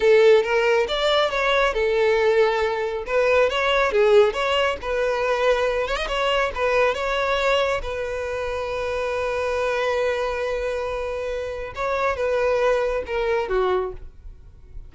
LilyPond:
\new Staff \with { instrumentName = "violin" } { \time 4/4 \tempo 4 = 138 a'4 ais'4 d''4 cis''4 | a'2. b'4 | cis''4 gis'4 cis''4 b'4~ | b'4. cis''16 dis''16 cis''4 b'4 |
cis''2 b'2~ | b'1~ | b'2. cis''4 | b'2 ais'4 fis'4 | }